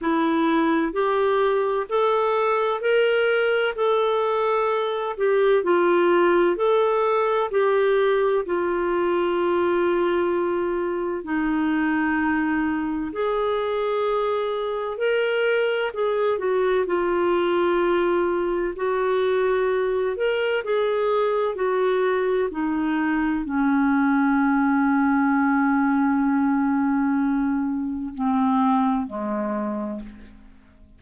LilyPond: \new Staff \with { instrumentName = "clarinet" } { \time 4/4 \tempo 4 = 64 e'4 g'4 a'4 ais'4 | a'4. g'8 f'4 a'4 | g'4 f'2. | dis'2 gis'2 |
ais'4 gis'8 fis'8 f'2 | fis'4. ais'8 gis'4 fis'4 | dis'4 cis'2.~ | cis'2 c'4 gis4 | }